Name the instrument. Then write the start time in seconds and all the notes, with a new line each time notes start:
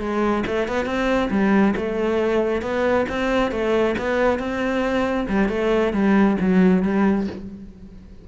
cello
0.00 G#3
0.47 A3
0.68 B3
0.85 C4
1.31 G3
1.76 A3
2.62 B3
3.09 C4
3.51 A3
3.99 B3
4.39 C4
5.29 G3
5.49 A3
5.93 G3
6.40 F#3
6.83 G3